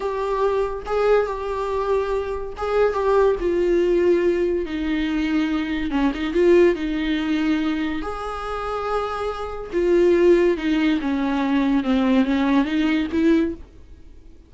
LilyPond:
\new Staff \with { instrumentName = "viola" } { \time 4/4 \tempo 4 = 142 g'2 gis'4 g'4~ | g'2 gis'4 g'4 | f'2. dis'4~ | dis'2 cis'8 dis'8 f'4 |
dis'2. gis'4~ | gis'2. f'4~ | f'4 dis'4 cis'2 | c'4 cis'4 dis'4 e'4 | }